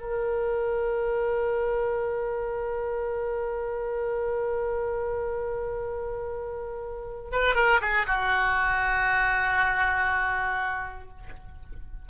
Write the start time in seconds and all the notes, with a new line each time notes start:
0.00 A#4
7.32 B4
7.55 A#4
7.81 G#4
8.06 F#4